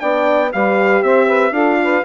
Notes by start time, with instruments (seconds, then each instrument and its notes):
0.00 bassoon B3, horn D4, saxophone D5, trumpet G5
0.52 bassoon G3, horn G4, saxophone B4, trumpet F5
1.02 bassoon C4, saxophone C5, trumpet E5
1.27 saxophone B4
1.51 bassoon D4, horn F4, saxophone A4, trumpet F5
1.83 saxophone B4